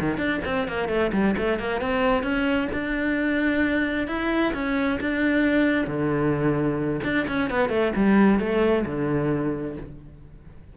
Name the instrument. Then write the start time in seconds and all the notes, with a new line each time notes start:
cello
0.00 D#3
0.17 D4
0.45 C4
0.68 A#3
0.89 A3
1.13 G3
1.37 A3
1.59 A#3
1.81 C4
2.23 C#4
2.73 D4
4.08 E4
4.54 C#4
5.01 D4
5.87 D3
7.04 D4
7.28 C#4
7.50 B3
7.70 A3
7.96 G3
8.40 A3
8.86 D3